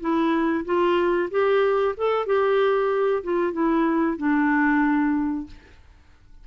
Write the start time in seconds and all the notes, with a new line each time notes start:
0.00 E4
0.65 F4
1.30 G4
1.97 A4
2.26 G4
3.23 F4
3.52 E4
4.17 D4